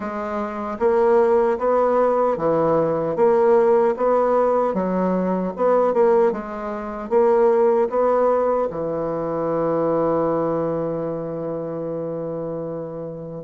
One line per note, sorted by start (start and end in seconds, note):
0.00 0.78 G#3
0.79 1.58 A#3
1.58 2.37 B3
2.37 3.15 E3
3.15 3.94 A#3
3.97 4.74 B3
4.74 5.53 F#3
5.56 5.93 B3
5.93 6.32 A#3
6.32 7.09 G#3
7.09 7.88 A#3
7.89 8.68 B3
8.70 13.44 E3